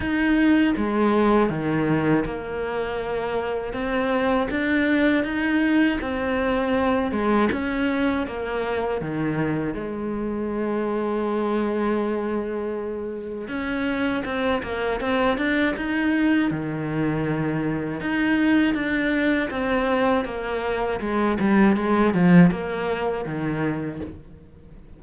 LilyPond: \new Staff \with { instrumentName = "cello" } { \time 4/4 \tempo 4 = 80 dis'4 gis4 dis4 ais4~ | ais4 c'4 d'4 dis'4 | c'4. gis8 cis'4 ais4 | dis4 gis2.~ |
gis2 cis'4 c'8 ais8 | c'8 d'8 dis'4 dis2 | dis'4 d'4 c'4 ais4 | gis8 g8 gis8 f8 ais4 dis4 | }